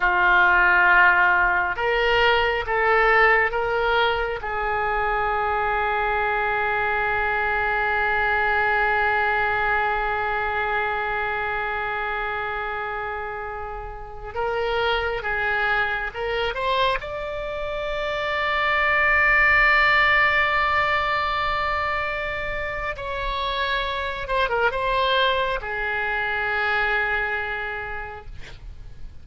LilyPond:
\new Staff \with { instrumentName = "oboe" } { \time 4/4 \tempo 4 = 68 f'2 ais'4 a'4 | ais'4 gis'2.~ | gis'1~ | gis'1~ |
gis'16 ais'4 gis'4 ais'8 c''8 d''8.~ | d''1~ | d''2 cis''4. c''16 ais'16 | c''4 gis'2. | }